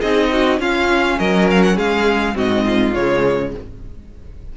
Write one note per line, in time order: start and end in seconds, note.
0.00 0.60 C4
0.00 0.60 D#4
0.00 0.29 G#4
0.00 0.60 D#5
0.33 0.60 F#4
0.60 1.19 C#4
0.60 2.34 C#4
0.60 1.19 F4
0.60 1.19 F5
1.19 1.78 F#3
1.19 1.76 A#4
1.19 1.49 D#5
1.51 1.63 F5
1.63 1.78 F#5
1.76 2.36 G#3
1.76 2.35 G#4
1.76 2.37 F5
2.34 2.96 G#2
2.34 2.93 C4
2.34 2.65 F#4
2.34 2.95 D#5
2.65 3.53 F4
2.95 3.54 C#3
2.95 3.57 G#3
2.95 3.53 C#5